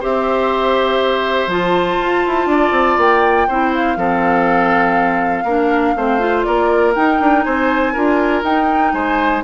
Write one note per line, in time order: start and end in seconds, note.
0.00 1.47 C4
0.00 1.50 G4
0.00 2.48 C5
0.00 1.51 E5
1.47 1.97 F3
1.47 3.49 F4
1.47 2.99 A5
2.01 2.26 F4
2.26 2.46 E4
2.46 2.71 D4
2.46 3.48 D5
2.71 2.96 C4
2.98 3.47 A#3
2.98 3.74 G5
3.48 3.97 C4
3.48 3.98 E4
3.48 3.98 C5
3.74 6.44 F5
3.97 5.44 F3
3.97 5.46 C4
3.97 5.44 A4
5.44 5.94 A#3
5.44 5.96 D4
5.44 5.94 A#4
5.96 6.45 A3
5.96 6.20 C4
5.96 6.47 C5
6.20 6.94 F4
6.44 6.97 A#3
6.44 7.45 A#4
6.44 6.93 D5
6.95 7.95 D#4
6.95 7.21 D#4
6.95 7.43 G5
7.21 7.45 D4
7.43 7.96 C4
7.43 7.93 C5
7.43 8.43 G#5
7.93 8.43 D4
7.93 8.44 F4
7.93 8.93 A#4
8.43 8.92 D#4
8.43 9.44 D#4
8.43 8.93 G5
8.93 9.43 G#3
8.93 9.44 C5
8.93 9.43 G#5